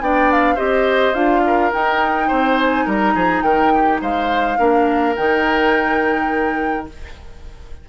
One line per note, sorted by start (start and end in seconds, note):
0.00 0.57 B3
0.00 0.57 D4
0.00 0.55 D5
0.00 0.31 G5
0.31 0.58 F5
0.55 1.14 C4
0.55 1.14 G4
0.55 1.41 C5
0.55 1.14 D#5
1.14 1.71 D4
1.14 1.71 F4
1.14 1.71 F5
1.46 2.27 A#4
1.72 4.57 D#4
1.72 2.31 D#4
1.72 2.58 G5
2.27 2.86 C4
2.27 2.84 C5
2.58 2.87 G#5
2.85 3.14 G3
2.85 3.13 A#4
2.85 3.42 A#5
3.14 3.42 F3
3.14 3.43 G#4
3.42 3.99 D#3
3.42 3.72 A#4
3.42 3.99 G5
3.75 4.01 G4
4.01 4.58 G#3
4.01 4.58 C5
4.01 5.15 F5
4.57 5.16 A#3
4.57 5.15 D4
4.57 6.87 A#4
5.15 6.88 D#3
5.15 6.88 D#4
5.15 6.87 G5